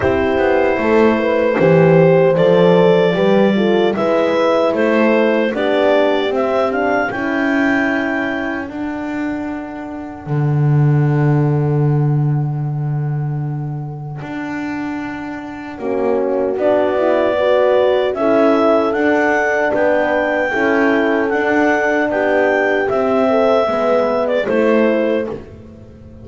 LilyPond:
<<
  \new Staff \with { instrumentName = "clarinet" } { \time 4/4 \tempo 4 = 76 c''2. d''4~ | d''4 e''4 c''4 d''4 | e''8 f''8 g''2 fis''4~ | fis''1~ |
fis''1~ | fis''4 d''2 e''4 | fis''4 g''2 fis''4 | g''4 e''4.~ e''16 d''16 c''4 | }
  \new Staff \with { instrumentName = "horn" } { \time 4/4 g'4 a'8 b'8 c''2 | b'8 a'8 b'4 a'4 g'4~ | g'4 a'2.~ | a'1~ |
a'1 | fis'2 b'4 a'4~ | a'4 b'4 a'2 | g'4. a'8 b'4 a'4 | }
  \new Staff \with { instrumentName = "horn" } { \time 4/4 e'2 g'4 a'4 | g'8 f'8 e'2 d'4 | c'8 d'8 e'2 d'4~ | d'1~ |
d'1 | cis'4 d'8 e'8 fis'4 e'4 | d'2 e'4 d'4~ | d'4 c'4 b4 e'4 | }
  \new Staff \with { instrumentName = "double bass" } { \time 4/4 c'8 b8 a4 e4 f4 | g4 gis4 a4 b4 | c'4 cis'2 d'4~ | d'4 d2.~ |
d2 d'2 | ais4 b2 cis'4 | d'4 b4 cis'4 d'4 | b4 c'4 gis4 a4 | }
>>